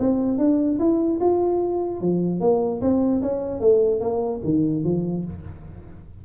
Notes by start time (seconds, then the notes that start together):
0.00 C4
0.39 D4
0.80 E4
1.21 F4
2.01 F3
2.41 A#3
2.82 C4
3.23 C#4
3.61 A3
4.01 A#3
4.44 D#3
4.84 F3